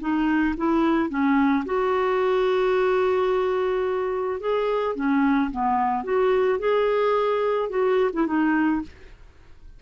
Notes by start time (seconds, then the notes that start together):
0.00 D#4
0.57 E4
1.09 C#4
1.65 F#4
4.40 G#4
4.95 C#4
5.51 B3
6.04 F#4
6.59 G#4
7.69 F#4
8.13 E4
8.26 D#4